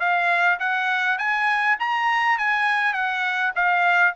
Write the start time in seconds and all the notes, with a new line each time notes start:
0.00 F5
0.59 F#5
1.18 G#5
1.79 A#5
2.38 G#5
2.94 F#5
3.55 F5